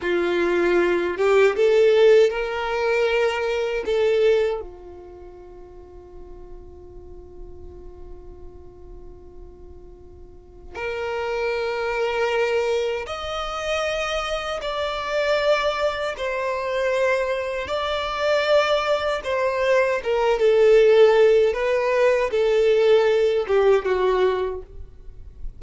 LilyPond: \new Staff \with { instrumentName = "violin" } { \time 4/4 \tempo 4 = 78 f'4. g'8 a'4 ais'4~ | ais'4 a'4 f'2~ | f'1~ | f'2 ais'2~ |
ais'4 dis''2 d''4~ | d''4 c''2 d''4~ | d''4 c''4 ais'8 a'4. | b'4 a'4. g'8 fis'4 | }